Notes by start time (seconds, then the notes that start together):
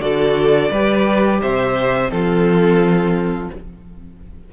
0.00 D3 F#4 A4 D5
0.71 G3 G4 B4
1.42 C3 C5 E5
2.09 F3 C4 F4 A4